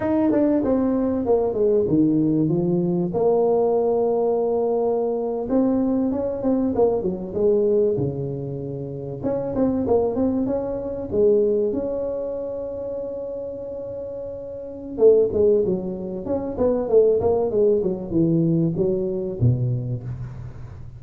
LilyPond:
\new Staff \with { instrumentName = "tuba" } { \time 4/4 \tempo 4 = 96 dis'8 d'8 c'4 ais8 gis8 dis4 | f4 ais2.~ | ais8. c'4 cis'8 c'8 ais8 fis8 gis16~ | gis8. cis2 cis'8 c'8 ais16~ |
ais16 c'8 cis'4 gis4 cis'4~ cis'16~ | cis'1 | a8 gis8 fis4 cis'8 b8 a8 ais8 | gis8 fis8 e4 fis4 b,4 | }